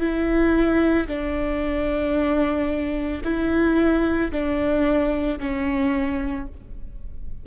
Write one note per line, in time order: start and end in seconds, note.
0.00 1.07 E4
1.08 3.22 D4
3.24 4.31 E4
4.31 5.39 D4
5.39 6.46 C#4